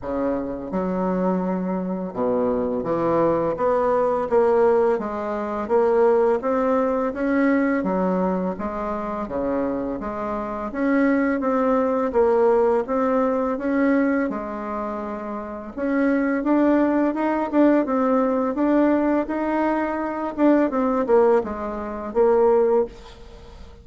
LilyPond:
\new Staff \with { instrumentName = "bassoon" } { \time 4/4 \tempo 4 = 84 cis4 fis2 b,4 | e4 b4 ais4 gis4 | ais4 c'4 cis'4 fis4 | gis4 cis4 gis4 cis'4 |
c'4 ais4 c'4 cis'4 | gis2 cis'4 d'4 | dis'8 d'8 c'4 d'4 dis'4~ | dis'8 d'8 c'8 ais8 gis4 ais4 | }